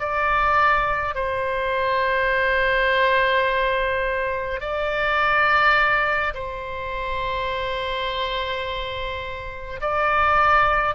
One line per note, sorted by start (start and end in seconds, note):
0.00 1.15 D5
1.15 4.61 C5
4.61 6.34 D5
6.35 9.81 C5
9.81 10.95 D5